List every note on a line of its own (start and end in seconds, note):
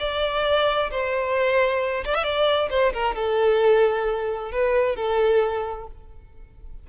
0.00 0.91 D5
0.91 2.05 C5
2.05 2.15 D5
2.15 2.24 E5
2.24 2.70 D5
2.71 2.93 C5
2.94 3.15 A#4
3.15 4.52 A4
4.52 4.96 B4
4.96 5.87 A4